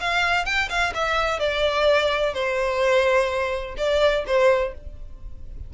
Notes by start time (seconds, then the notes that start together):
0.00 F5
0.46 G5
0.69 F5
0.94 E5
1.39 D5
2.34 C5
3.77 D5
4.26 C5